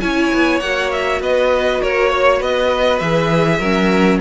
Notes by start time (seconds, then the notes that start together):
0.00 C#4 E4 C#5 G#5
0.33 B3
0.60 A#3 F#4 F#5
0.92 E5
1.21 B3 B4 D#5
1.81 A#3 A#4 C#5
2.10 C#5
2.38 B3 B4 D#5
2.99 E3 G#4 E5
3.58 F#3 C#4 A#4